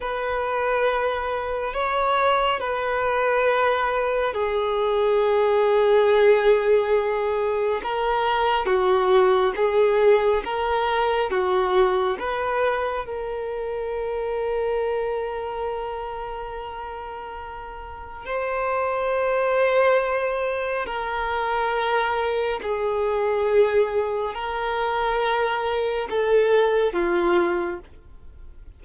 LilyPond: \new Staff \with { instrumentName = "violin" } { \time 4/4 \tempo 4 = 69 b'2 cis''4 b'4~ | b'4 gis'2.~ | gis'4 ais'4 fis'4 gis'4 | ais'4 fis'4 b'4 ais'4~ |
ais'1~ | ais'4 c''2. | ais'2 gis'2 | ais'2 a'4 f'4 | }